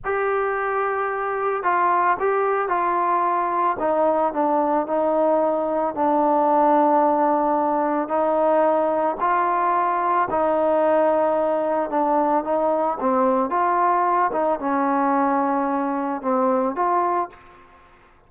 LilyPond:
\new Staff \with { instrumentName = "trombone" } { \time 4/4 \tempo 4 = 111 g'2. f'4 | g'4 f'2 dis'4 | d'4 dis'2 d'4~ | d'2. dis'4~ |
dis'4 f'2 dis'4~ | dis'2 d'4 dis'4 | c'4 f'4. dis'8 cis'4~ | cis'2 c'4 f'4 | }